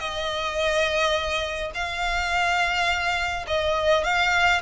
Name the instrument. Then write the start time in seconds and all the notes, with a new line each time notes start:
violin
0.00 D#5
1.75 F5
3.48 D#5
4.05 F5